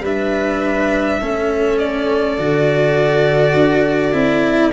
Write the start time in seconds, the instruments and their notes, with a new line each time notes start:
0.00 tuba G3, cello D4, viola B4, violin E5
1.20 tuba A3, cello C#4, viola A4
1.78 violin D5
2.38 tuba D3, cello F#4
3.54 tuba D4
4.13 tuba C4, cello E4